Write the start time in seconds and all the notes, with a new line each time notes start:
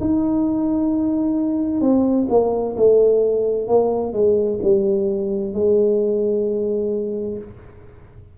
0.00 D#4
1.80 C4
2.29 A#3
2.76 A3
3.67 A#3
4.13 G#3
4.62 G3
5.53 G#3